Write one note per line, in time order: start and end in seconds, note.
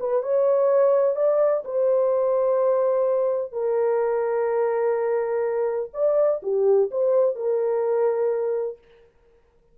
0.00 0.23 B4
0.23 1.16 C#5
1.16 1.64 D5
1.65 3.53 C5
3.53 5.91 A#4
5.94 6.42 D5
6.43 6.91 G4
6.92 7.36 C5
7.36 8.79 A#4